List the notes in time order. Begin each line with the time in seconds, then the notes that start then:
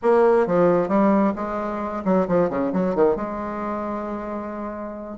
0.02 A#3
0.47 F3
0.88 G3
1.35 G#3
2.04 F#3
2.28 F3
2.49 C#3
2.72 F#3
2.95 D#3
3.16 G#3